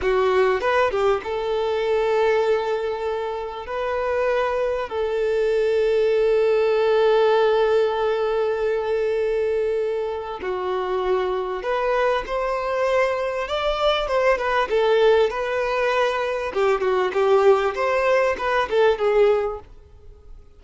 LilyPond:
\new Staff \with { instrumentName = "violin" } { \time 4/4 \tempo 4 = 98 fis'4 b'8 g'8 a'2~ | a'2 b'2 | a'1~ | a'1~ |
a'4 fis'2 b'4 | c''2 d''4 c''8 b'8 | a'4 b'2 g'8 fis'8 | g'4 c''4 b'8 a'8 gis'4 | }